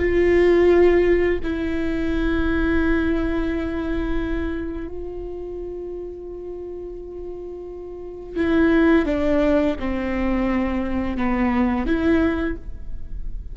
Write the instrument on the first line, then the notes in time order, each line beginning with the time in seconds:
viola
0.00 F4
1.44 E4
4.88 F4
8.37 E4
9.06 D4
9.80 C4
11.17 B3
11.87 E4